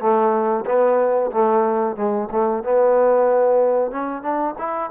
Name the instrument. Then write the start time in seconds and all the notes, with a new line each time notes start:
trombone
0.00 A3
0.66 B3
1.32 A3
1.96 G#3
2.31 A3
2.64 B3
3.91 C#4
4.22 D4
4.59 E4